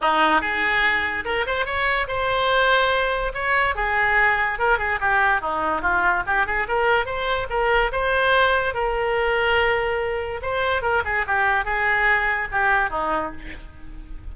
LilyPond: \new Staff \with { instrumentName = "oboe" } { \time 4/4 \tempo 4 = 144 dis'4 gis'2 ais'8 c''8 | cis''4 c''2. | cis''4 gis'2 ais'8 gis'8 | g'4 dis'4 f'4 g'8 gis'8 |
ais'4 c''4 ais'4 c''4~ | c''4 ais'2.~ | ais'4 c''4 ais'8 gis'8 g'4 | gis'2 g'4 dis'4 | }